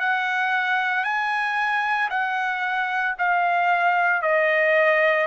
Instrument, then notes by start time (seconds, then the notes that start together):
trumpet
0.00 F#5
1.04 G#5
2.11 F#5
3.19 F5
4.22 D#5